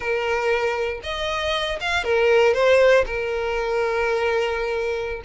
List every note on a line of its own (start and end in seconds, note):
0.00 1.00 A#4
1.03 1.79 D#5
1.80 2.04 F5
2.04 2.54 A#4
2.54 3.05 C5
3.05 5.21 A#4